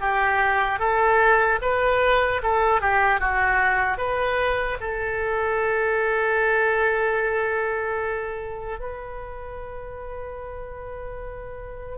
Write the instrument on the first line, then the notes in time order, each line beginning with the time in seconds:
oboe
0.00 G4
0.79 A4
1.61 B4
2.43 A4
2.80 G4
3.20 F#4
3.97 B4
4.80 A4
8.79 B4